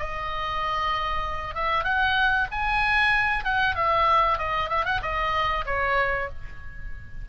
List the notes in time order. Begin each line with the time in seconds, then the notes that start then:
0.00 D#5
1.55 E5
1.85 F#5
2.52 G#5
3.45 F#5
3.76 E5
4.39 D#5
4.70 E5
4.85 F#5
5.03 D#5
5.66 C#5